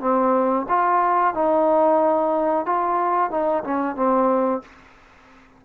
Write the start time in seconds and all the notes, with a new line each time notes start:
0.00 C4
0.68 F4
1.34 D#4
2.66 F4
3.30 D#4
3.64 C#4
3.96 C4